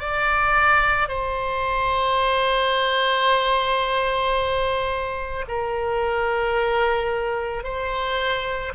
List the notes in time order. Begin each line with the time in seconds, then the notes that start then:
0.00 D5
1.09 C5
5.48 A#4
7.64 C5